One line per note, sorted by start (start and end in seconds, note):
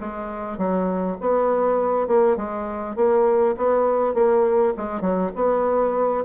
0.00 0.58 G#3
0.58 1.17 F#3
1.20 2.07 B3
2.07 2.37 A#3
2.37 2.96 G#3
2.96 3.55 A#3
3.57 4.14 B3
4.14 4.73 A#3
4.77 5.01 G#3
5.01 5.31 F#3
5.35 6.24 B3